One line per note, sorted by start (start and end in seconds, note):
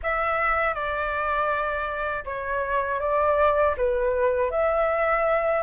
0.02 0.74 E5
0.74 2.24 D5
2.25 3.00 C#5
3.00 3.75 D5
3.77 4.50 B4
4.50 5.62 E5